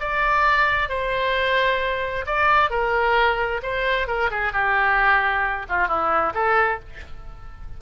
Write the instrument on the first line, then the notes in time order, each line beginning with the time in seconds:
oboe
0.00 D5
0.89 C5
2.26 D5
2.70 A#4
3.63 C5
4.07 A#4
4.30 G#4
4.52 G4
5.69 F4
5.88 E4
6.34 A4